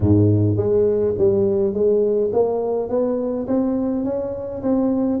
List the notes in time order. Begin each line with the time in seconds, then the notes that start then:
0.00 G#2
0.56 G#3
1.18 G3
1.73 G#3
2.33 A#3
2.89 B3
3.47 C4
4.04 C#4
4.62 C4